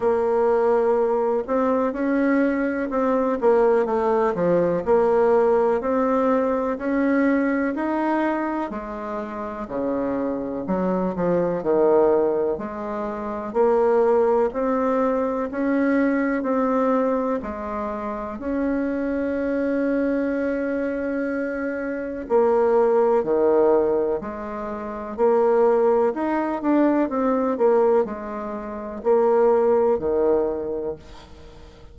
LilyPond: \new Staff \with { instrumentName = "bassoon" } { \time 4/4 \tempo 4 = 62 ais4. c'8 cis'4 c'8 ais8 | a8 f8 ais4 c'4 cis'4 | dis'4 gis4 cis4 fis8 f8 | dis4 gis4 ais4 c'4 |
cis'4 c'4 gis4 cis'4~ | cis'2. ais4 | dis4 gis4 ais4 dis'8 d'8 | c'8 ais8 gis4 ais4 dis4 | }